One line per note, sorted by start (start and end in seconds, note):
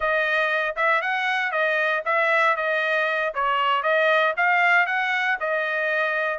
0.00 0.75 D#5
0.76 1.01 E5
1.01 1.51 F#5
1.51 2.02 D#5
2.05 2.56 E5
2.56 3.33 D#5
3.34 3.82 C#5
3.82 4.34 D#5
4.36 4.86 F5
4.86 5.37 F#5
5.40 6.38 D#5